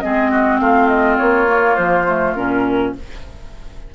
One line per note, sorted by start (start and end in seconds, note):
0.00 0.60 G#3
0.00 1.47 C4
0.00 0.31 G#4
0.00 0.58 D#5
0.31 0.60 F#4
0.60 1.18 A3
0.60 2.94 F4
0.60 0.87 F5
0.87 1.17 D#5
1.17 1.78 A#3
1.17 1.75 C#5
1.47 2.05 A#3
1.75 2.36 F3
1.75 2.34 C5
2.07 2.36 A3
2.34 2.94 A#2
2.34 2.94 C#4
2.34 2.93 A#4